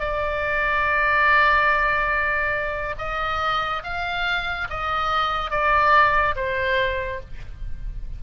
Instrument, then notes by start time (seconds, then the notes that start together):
oboe
0.00 D5
2.99 D#5
3.84 F5
4.71 D#5
5.51 D5
6.36 C5